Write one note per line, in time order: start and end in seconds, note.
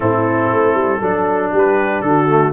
0.00 0.52 A2
0.00 1.01 C4
0.00 1.00 E4
0.00 1.52 A4
0.53 0.74 A3
0.74 0.99 G3
1.00 1.52 F#3
1.00 2.28 D4
1.00 1.51 A4
1.53 2.01 G3
1.53 2.04 G4
1.53 2.01 B4
2.01 2.52 D3
2.01 2.53 F#4
2.01 2.52 A4
2.28 2.53 A3